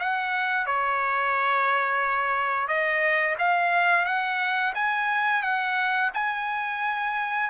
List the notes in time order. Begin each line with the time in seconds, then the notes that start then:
0.00 F#5
0.67 C#5
2.68 D#5
3.39 F5
4.06 F#5
4.75 G#5
5.43 F#5
6.14 G#5